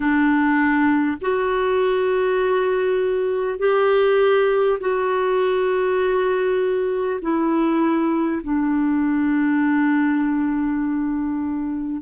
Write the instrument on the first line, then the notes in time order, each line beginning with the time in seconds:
clarinet
0.00 D4
1.21 F#4
3.58 G4
4.79 F#4
7.21 E4
8.43 D4